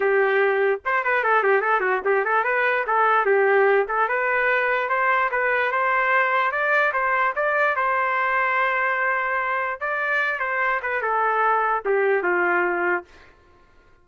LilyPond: \new Staff \with { instrumentName = "trumpet" } { \time 4/4 \tempo 4 = 147 g'2 c''8 b'8 a'8 g'8 | a'8 fis'8 g'8 a'8 b'4 a'4 | g'4. a'8 b'2 | c''4 b'4 c''2 |
d''4 c''4 d''4 c''4~ | c''1 | d''4. c''4 b'8 a'4~ | a'4 g'4 f'2 | }